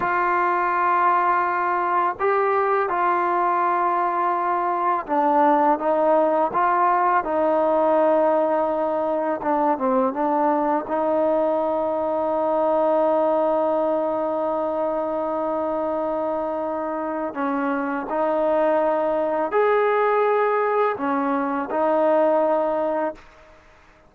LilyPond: \new Staff \with { instrumentName = "trombone" } { \time 4/4 \tempo 4 = 83 f'2. g'4 | f'2. d'4 | dis'4 f'4 dis'2~ | dis'4 d'8 c'8 d'4 dis'4~ |
dis'1~ | dis'1 | cis'4 dis'2 gis'4~ | gis'4 cis'4 dis'2 | }